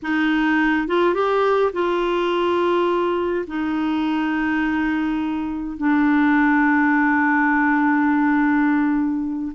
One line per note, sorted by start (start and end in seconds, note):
0.02 0.87 D#4
0.87 1.14 F4
1.14 1.72 G4
1.72 3.45 F4
3.47 5.77 D#4
5.77 9.52 D4